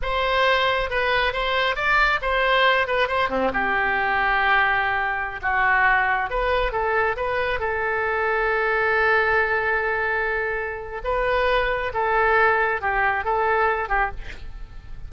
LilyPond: \new Staff \with { instrumentName = "oboe" } { \time 4/4 \tempo 4 = 136 c''2 b'4 c''4 | d''4 c''4. b'8 c''8 c'8 | g'1~ | g'16 fis'2 b'4 a'8.~ |
a'16 b'4 a'2~ a'8.~ | a'1~ | a'4 b'2 a'4~ | a'4 g'4 a'4. g'8 | }